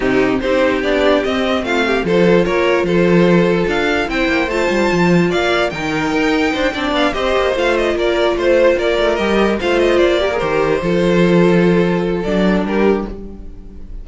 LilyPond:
<<
  \new Staff \with { instrumentName = "violin" } { \time 4/4 \tempo 4 = 147 g'4 c''4 d''4 dis''4 | f''4 c''4 cis''4 c''4~ | c''4 f''4 g''4 a''4~ | a''4 f''4 g''2~ |
g''4 f''8 dis''4 f''8 dis''8 d''8~ | d''8 c''4 d''4 dis''4 f''8 | dis''8 d''4 c''2~ c''8~ | c''2 d''4 ais'4 | }
  \new Staff \with { instrumentName = "violin" } { \time 4/4 dis'4 g'2. | f'8 g'8 a'4 ais'4 a'4~ | a'2 c''2~ | c''4 d''4 ais'2 |
c''8 d''4 c''2 ais'8~ | ais'8 c''4 ais'2 c''8~ | c''4 ais'4. a'4.~ | a'2. g'4 | }
  \new Staff \with { instrumentName = "viola" } { \time 4/4 c'4 dis'4 d'4 c'4~ | c'4 f'2.~ | f'2 e'4 f'4~ | f'2 dis'2~ |
dis'8 d'4 g'4 f'4.~ | f'2~ f'8 g'4 f'8~ | f'4 g'16 gis'16 g'4 f'4.~ | f'2 d'2 | }
  \new Staff \with { instrumentName = "cello" } { \time 4/4 c4 c'4 b4 c'4 | a4 f4 ais4 f4~ | f4 d'4 c'8 ais8 a8 g8 | f4 ais4 dis4 dis'4 |
d'8 c'8 b8 c'8 ais8 a4 ais8~ | ais8 a4 ais8 a8 g4 a8~ | a8 ais4 dis4 f4.~ | f2 fis4 g4 | }
>>